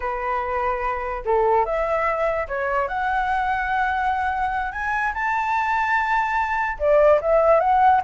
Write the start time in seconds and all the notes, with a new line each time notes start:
0.00 B4
1.25 A4
1.65 E5
2.48 C#5
2.87 F#5
4.72 G#5
5.14 A5
6.78 D5
7.21 E5
7.60 F#5